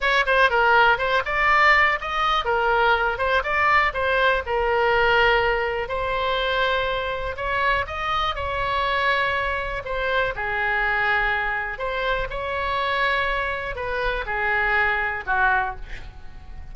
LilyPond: \new Staff \with { instrumentName = "oboe" } { \time 4/4 \tempo 4 = 122 cis''8 c''8 ais'4 c''8 d''4. | dis''4 ais'4. c''8 d''4 | c''4 ais'2. | c''2. cis''4 |
dis''4 cis''2. | c''4 gis'2. | c''4 cis''2. | b'4 gis'2 fis'4 | }